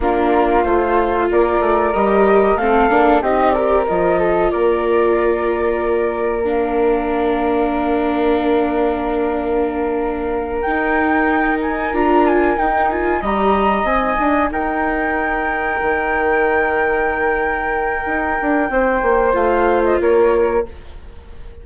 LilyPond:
<<
  \new Staff \with { instrumentName = "flute" } { \time 4/4 \tempo 4 = 93 ais'4 c''4 d''4 dis''4 | f''4 dis''8 d''8 dis''4 d''4~ | d''2 f''2~ | f''1~ |
f''8 g''4. gis''8 ais''8 gis''8 g''8 | gis''8 ais''4 gis''4 g''4.~ | g''1~ | g''2 f''8. dis''16 cis''4 | }
  \new Staff \with { instrumentName = "flute" } { \time 4/4 f'2 ais'2 | a'4 g'8 ais'4 a'8 ais'4~ | ais'1~ | ais'1~ |
ais'1~ | ais'8 dis''2 ais'4.~ | ais'1~ | ais'4 c''2 ais'4 | }
  \new Staff \with { instrumentName = "viola" } { \time 4/4 d'4 f'2 g'4 | c'8 d'8 dis'8 g'8 f'2~ | f'2 d'2~ | d'1~ |
d'8 dis'2 f'4 dis'8 | f'8 g'4 dis'2~ dis'8~ | dis'1~ | dis'2 f'2 | }
  \new Staff \with { instrumentName = "bassoon" } { \time 4/4 ais4 a4 ais8 a8 g4 | a8 ais8 c'4 f4 ais4~ | ais1~ | ais1~ |
ais8 dis'2 d'4 dis'8~ | dis'8 g4 c'8 d'8 dis'4.~ | dis'8 dis2.~ dis8 | dis'8 d'8 c'8 ais8 a4 ais4 | }
>>